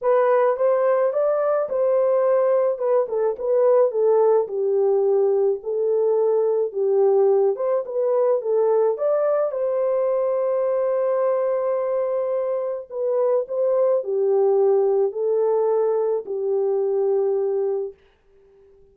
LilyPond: \new Staff \with { instrumentName = "horn" } { \time 4/4 \tempo 4 = 107 b'4 c''4 d''4 c''4~ | c''4 b'8 a'8 b'4 a'4 | g'2 a'2 | g'4. c''8 b'4 a'4 |
d''4 c''2.~ | c''2. b'4 | c''4 g'2 a'4~ | a'4 g'2. | }